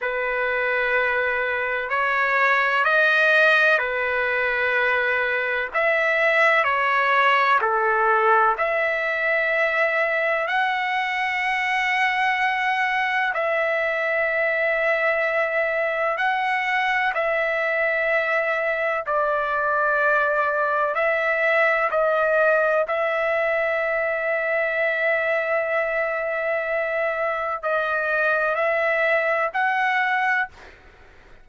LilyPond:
\new Staff \with { instrumentName = "trumpet" } { \time 4/4 \tempo 4 = 63 b'2 cis''4 dis''4 | b'2 e''4 cis''4 | a'4 e''2 fis''4~ | fis''2 e''2~ |
e''4 fis''4 e''2 | d''2 e''4 dis''4 | e''1~ | e''4 dis''4 e''4 fis''4 | }